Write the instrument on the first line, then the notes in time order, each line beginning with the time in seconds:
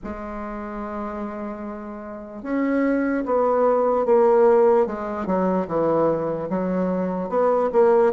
bassoon
0.03 G#3
2.43 C#4
3.25 B3
4.05 A#3
4.86 G#3
5.26 F#3
5.67 E3
6.49 F#3
7.29 B3
7.72 A#3